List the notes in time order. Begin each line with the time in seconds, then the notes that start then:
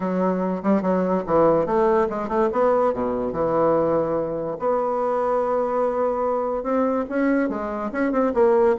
0.00 F#3
0.62 G3
0.81 F#3
1.26 E3
1.66 A3
2.09 G#3
2.28 A3
2.52 B3
2.93 B2
3.32 E3
4.59 B3
6.63 C4
7.09 C#4
7.49 G#3
7.92 C#4
8.12 C4
8.34 A#3